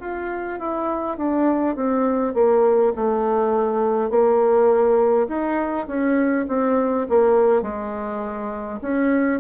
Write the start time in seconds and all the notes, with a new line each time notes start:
0.00 F4
0.59 E4
1.17 D4
1.75 C4
2.34 A#3
2.96 A3
4.10 A#3
5.28 D#4
5.87 C#4
6.48 C4
7.09 A#3
7.61 G#3
8.81 C#4